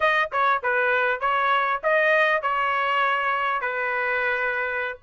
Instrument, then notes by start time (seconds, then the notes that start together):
trumpet
0.00 D#5
0.32 C#5
0.62 B4
1.20 C#5
1.83 D#5
2.41 C#5
3.61 B4